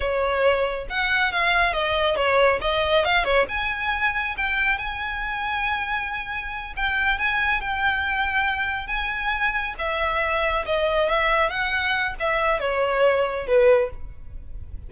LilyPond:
\new Staff \with { instrumentName = "violin" } { \time 4/4 \tempo 4 = 138 cis''2 fis''4 f''4 | dis''4 cis''4 dis''4 f''8 cis''8 | gis''2 g''4 gis''4~ | gis''2.~ gis''8 g''8~ |
g''8 gis''4 g''2~ g''8~ | g''8 gis''2 e''4.~ | e''8 dis''4 e''4 fis''4. | e''4 cis''2 b'4 | }